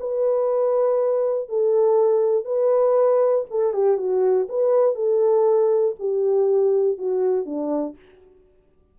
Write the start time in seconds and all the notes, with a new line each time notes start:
0.00 B4
1.49 A4
2.45 B4
3.50 A4
3.73 G4
3.97 F#4
4.49 B4
4.95 A4
5.99 G4
6.98 F#4
7.46 D4